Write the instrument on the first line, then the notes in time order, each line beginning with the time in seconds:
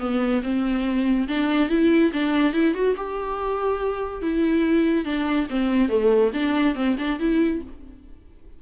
viola
0.00 B3
0.43 C4
1.28 D4
1.70 E4
2.13 D4
2.54 E4
2.74 F#4
2.97 G4
4.22 E4
5.05 D4
5.50 C4
5.89 A3
6.34 D4
6.75 C4
6.99 D4
7.20 E4